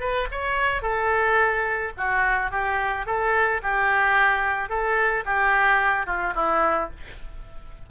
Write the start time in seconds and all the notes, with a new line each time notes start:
0.00 B4
0.31 C#5
0.82 A4
1.97 F#4
2.51 G4
3.06 A4
3.62 G4
4.69 A4
5.25 G4
6.06 F4
6.35 E4